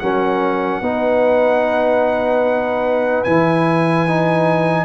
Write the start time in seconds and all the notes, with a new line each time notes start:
0.00 F#3 C#4 A#4 F#5
0.81 B3 D#4 B4
3.24 E3 E4 G#5
4.08 D#4